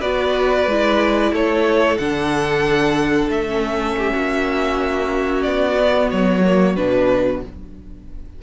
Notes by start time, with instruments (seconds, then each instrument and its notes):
0.00 cello B3, viola F#4, violin B4 D5
0.66 cello G#3, viola E4
1.31 cello A3, violin A4 C#5
1.97 cello D3, viola D4, violin F#5
3.29 cello A3, violin E5
3.48 viola C#4
3.97 violin G4
4.13 cello A#3, violin F#4
5.42 cello B3, violin D5
5.77 viola B3
6.10 cello F#3, violin C#5
6.44 viola A#3
6.76 cello B2, viola D4, violin B4